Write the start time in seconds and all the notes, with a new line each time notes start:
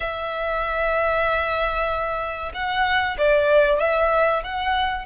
0.00 E5
2.53 F#5
3.18 D5
3.79 E5
4.43 F#5